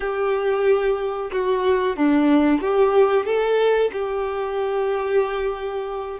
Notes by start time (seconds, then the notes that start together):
0.00 G4
1.32 F#4
1.96 D4
2.61 G4
3.25 A4
3.92 G4